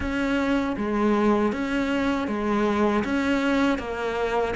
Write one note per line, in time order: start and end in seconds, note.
0.00 0.76 C#4
0.76 1.52 G#3
1.52 2.28 C#4
2.28 3.03 G#3
3.04 3.78 C#4
3.78 4.54 A#3